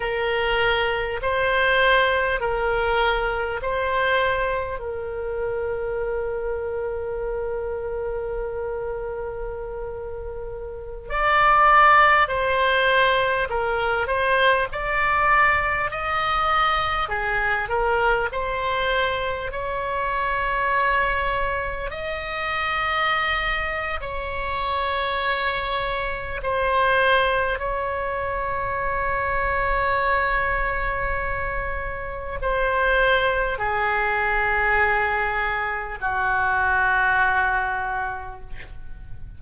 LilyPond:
\new Staff \with { instrumentName = "oboe" } { \time 4/4 \tempo 4 = 50 ais'4 c''4 ais'4 c''4 | ais'1~ | ais'4~ ais'16 d''4 c''4 ais'8 c''16~ | c''16 d''4 dis''4 gis'8 ais'8 c''8.~ |
c''16 cis''2 dis''4.~ dis''16 | cis''2 c''4 cis''4~ | cis''2. c''4 | gis'2 fis'2 | }